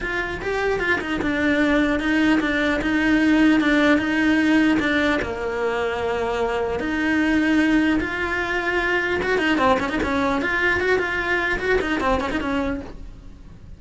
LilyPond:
\new Staff \with { instrumentName = "cello" } { \time 4/4 \tempo 4 = 150 f'4 g'4 f'8 dis'8 d'4~ | d'4 dis'4 d'4 dis'4~ | dis'4 d'4 dis'2 | d'4 ais2.~ |
ais4 dis'2. | f'2. fis'8 dis'8 | c'8 cis'16 dis'16 cis'4 f'4 fis'8 f'8~ | f'4 fis'8 dis'8 c'8 cis'16 dis'16 cis'4 | }